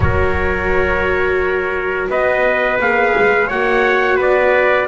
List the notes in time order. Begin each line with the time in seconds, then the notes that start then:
0.00 F#3 F#4 A#4 C#5
2.09 B3 B4 D#5
2.79 A#3 G#4 F5
3.18 G#3
3.47 A#3 F#4 C#5 F#5
4.16 B3 B4 D5